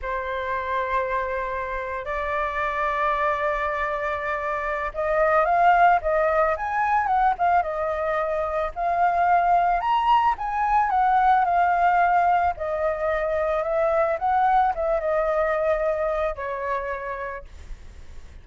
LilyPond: \new Staff \with { instrumentName = "flute" } { \time 4/4 \tempo 4 = 110 c''2.~ c''8. d''16~ | d''1~ | d''4 dis''4 f''4 dis''4 | gis''4 fis''8 f''8 dis''2 |
f''2 ais''4 gis''4 | fis''4 f''2 dis''4~ | dis''4 e''4 fis''4 e''8 dis''8~ | dis''2 cis''2 | }